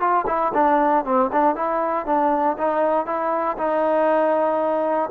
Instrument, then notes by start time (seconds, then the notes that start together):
trombone
0.00 F4
0.27 E4
0.54 D4
1.05 C4
1.33 D4
1.56 E4
2.06 D4
2.58 D#4
3.06 E4
3.58 D#4